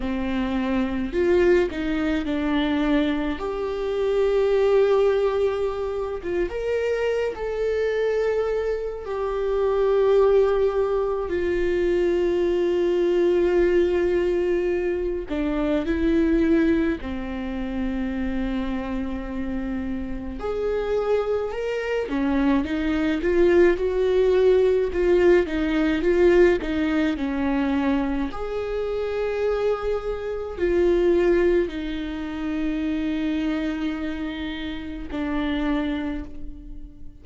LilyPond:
\new Staff \with { instrumentName = "viola" } { \time 4/4 \tempo 4 = 53 c'4 f'8 dis'8 d'4 g'4~ | g'4. f'16 ais'8. a'4. | g'2 f'2~ | f'4. d'8 e'4 c'4~ |
c'2 gis'4 ais'8 cis'8 | dis'8 f'8 fis'4 f'8 dis'8 f'8 dis'8 | cis'4 gis'2 f'4 | dis'2. d'4 | }